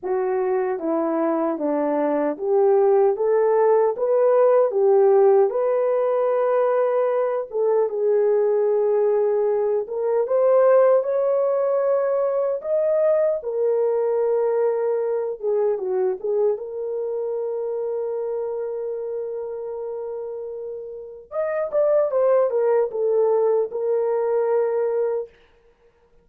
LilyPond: \new Staff \with { instrumentName = "horn" } { \time 4/4 \tempo 4 = 76 fis'4 e'4 d'4 g'4 | a'4 b'4 g'4 b'4~ | b'4. a'8 gis'2~ | gis'8 ais'8 c''4 cis''2 |
dis''4 ais'2~ ais'8 gis'8 | fis'8 gis'8 ais'2.~ | ais'2. dis''8 d''8 | c''8 ais'8 a'4 ais'2 | }